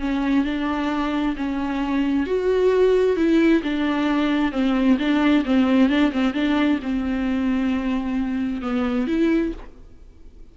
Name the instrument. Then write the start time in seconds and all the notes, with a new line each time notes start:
viola
0.00 C#4
0.45 D4
1.36 C#4
2.27 F#4
3.17 E4
3.63 D4
4.52 C4
4.99 D4
5.45 C4
5.89 D4
6.13 C4
6.34 D4
6.83 C4
8.62 B3
9.07 E4